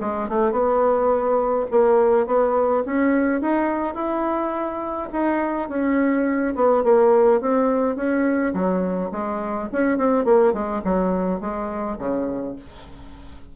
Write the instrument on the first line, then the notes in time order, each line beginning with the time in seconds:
bassoon
0.00 G#3
0.29 A3
0.51 B3
1.71 A#3
2.26 B3
2.85 C#4
3.41 D#4
3.94 E4
5.12 D#4
5.69 C#4
6.55 B3
6.83 A#3
7.41 C4
7.96 C#4
8.53 F#3
9.11 G#3
9.72 C#4
9.97 C4
10.25 A#3
10.53 G#3
10.84 F#3
11.40 G#3
11.98 C#3